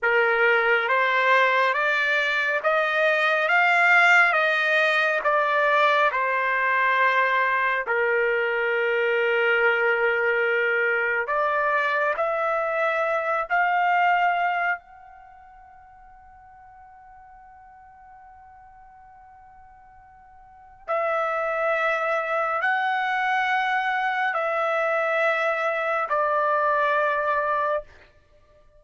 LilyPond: \new Staff \with { instrumentName = "trumpet" } { \time 4/4 \tempo 4 = 69 ais'4 c''4 d''4 dis''4 | f''4 dis''4 d''4 c''4~ | c''4 ais'2.~ | ais'4 d''4 e''4. f''8~ |
f''4 fis''2.~ | fis''1 | e''2 fis''2 | e''2 d''2 | }